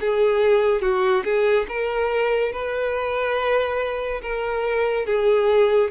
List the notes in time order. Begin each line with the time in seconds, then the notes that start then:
0.00 G#4
0.81 F#4
1.24 G#4
1.68 A#4
2.52 B4
4.22 A#4
5.06 G#4